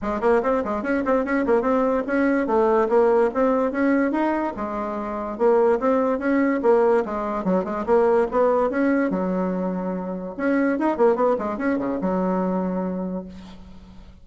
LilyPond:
\new Staff \with { instrumentName = "bassoon" } { \time 4/4 \tempo 4 = 145 gis8 ais8 c'8 gis8 cis'8 c'8 cis'8 ais8 | c'4 cis'4 a4 ais4 | c'4 cis'4 dis'4 gis4~ | gis4 ais4 c'4 cis'4 |
ais4 gis4 fis8 gis8 ais4 | b4 cis'4 fis2~ | fis4 cis'4 dis'8 ais8 b8 gis8 | cis'8 cis8 fis2. | }